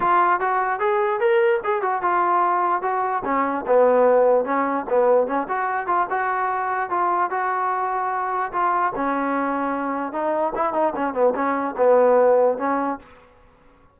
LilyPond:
\new Staff \with { instrumentName = "trombone" } { \time 4/4 \tempo 4 = 148 f'4 fis'4 gis'4 ais'4 | gis'8 fis'8 f'2 fis'4 | cis'4 b2 cis'4 | b4 cis'8 fis'4 f'8 fis'4~ |
fis'4 f'4 fis'2~ | fis'4 f'4 cis'2~ | cis'4 dis'4 e'8 dis'8 cis'8 b8 | cis'4 b2 cis'4 | }